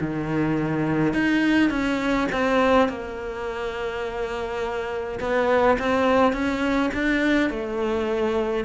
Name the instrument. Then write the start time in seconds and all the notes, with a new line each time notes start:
cello
0.00 D#3
1.13 D#4
1.69 C#4
2.32 C4
2.88 A#3
5.19 B3
5.78 C4
6.32 C#4
6.94 D4
7.49 A3